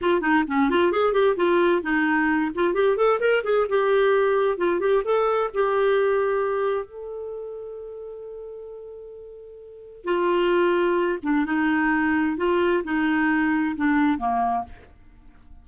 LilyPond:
\new Staff \with { instrumentName = "clarinet" } { \time 4/4 \tempo 4 = 131 f'8 dis'8 cis'8 f'8 gis'8 g'8 f'4 | dis'4. f'8 g'8 a'8 ais'8 gis'8 | g'2 f'8 g'8 a'4 | g'2. a'4~ |
a'1~ | a'2 f'2~ | f'8 d'8 dis'2 f'4 | dis'2 d'4 ais4 | }